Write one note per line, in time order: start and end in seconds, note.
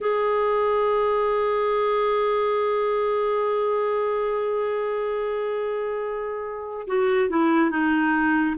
0.00 6.86 G#4
6.87 7.29 F#4
7.29 7.70 E4
7.70 8.56 D#4